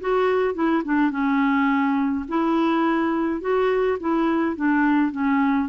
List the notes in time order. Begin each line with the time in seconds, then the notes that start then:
0.00 F#4
0.54 E4
0.84 D4
1.10 C#4
2.28 E4
3.41 F#4
3.99 E4
4.56 D4
5.11 C#4